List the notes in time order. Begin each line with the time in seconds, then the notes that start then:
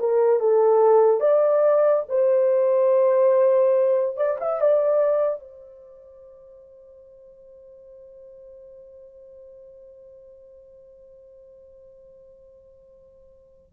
0.00 A#4
0.40 A4
1.20 D5
2.09 C5
4.17 D5
4.40 E5
4.61 D5
5.40 C5